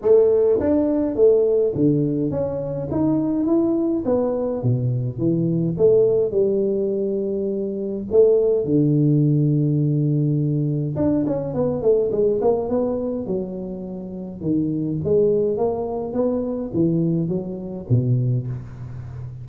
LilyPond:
\new Staff \with { instrumentName = "tuba" } { \time 4/4 \tempo 4 = 104 a4 d'4 a4 d4 | cis'4 dis'4 e'4 b4 | b,4 e4 a4 g4~ | g2 a4 d4~ |
d2. d'8 cis'8 | b8 a8 gis8 ais8 b4 fis4~ | fis4 dis4 gis4 ais4 | b4 e4 fis4 b,4 | }